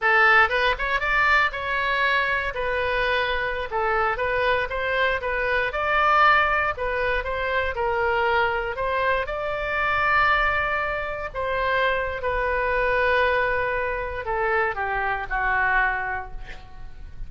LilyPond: \new Staff \with { instrumentName = "oboe" } { \time 4/4 \tempo 4 = 118 a'4 b'8 cis''8 d''4 cis''4~ | cis''4 b'2~ b'16 a'8.~ | a'16 b'4 c''4 b'4 d''8.~ | d''4~ d''16 b'4 c''4 ais'8.~ |
ais'4~ ais'16 c''4 d''4.~ d''16~ | d''2~ d''16 c''4.~ c''16 | b'1 | a'4 g'4 fis'2 | }